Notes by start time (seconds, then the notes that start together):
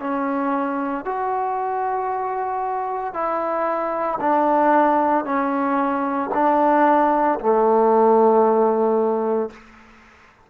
0.00 C#4
1.05 F#4
3.14 E4
4.21 D4
5.25 C#4
6.34 D4
7.40 A3